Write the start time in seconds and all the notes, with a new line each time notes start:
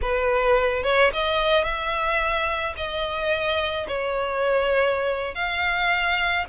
0.02 B4
0.83 C#5
1.13 D#5
1.63 E5
2.76 D#5
3.87 C#5
5.34 F5